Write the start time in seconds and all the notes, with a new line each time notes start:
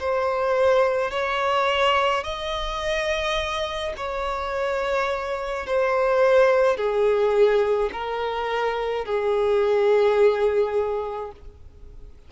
0.00 C5
1.11 C#5
2.24 D#5
3.97 C#5
5.67 C5
6.77 G#4
7.93 A#4
9.06 G#4